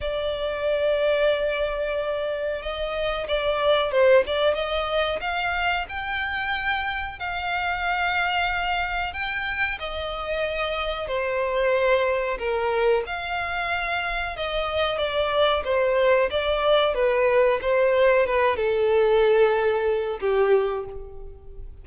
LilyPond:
\new Staff \with { instrumentName = "violin" } { \time 4/4 \tempo 4 = 92 d''1 | dis''4 d''4 c''8 d''8 dis''4 | f''4 g''2 f''4~ | f''2 g''4 dis''4~ |
dis''4 c''2 ais'4 | f''2 dis''4 d''4 | c''4 d''4 b'4 c''4 | b'8 a'2~ a'8 g'4 | }